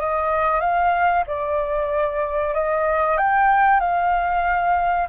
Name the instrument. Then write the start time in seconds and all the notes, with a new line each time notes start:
flute
0.00 D#5
0.60 F5
1.27 D5
2.54 D#5
3.18 G5
3.80 F5